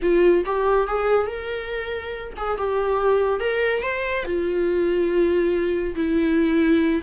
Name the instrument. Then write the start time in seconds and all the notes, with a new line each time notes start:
viola
0.01 F4
0.45 G4
0.87 G#4
1.26 A#4
2.36 G#4
2.57 G4
3.39 A#4
3.82 C5
4.24 F4
5.95 E4